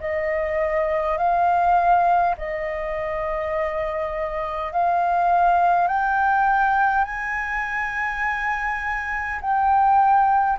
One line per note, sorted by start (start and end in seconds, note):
0.00 1.18 D#5
1.18 2.35 F5
2.37 4.72 D#5
4.72 5.88 F5
5.88 7.04 G5
7.04 9.39 G#5
9.41 10.58 G5